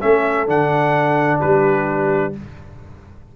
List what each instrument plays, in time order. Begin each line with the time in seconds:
0.00 tuba A3, trombone C#4, horn A4, trumpet E5
0.47 tuba D3, trombone D4, trumpet F#5
1.39 tuba G3, horn G4, trumpet B4